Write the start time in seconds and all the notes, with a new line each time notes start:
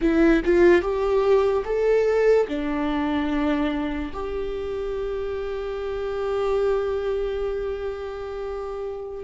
0.01 E4
0.44 F4
0.81 G4
1.64 A4
2.47 D4
4.13 G4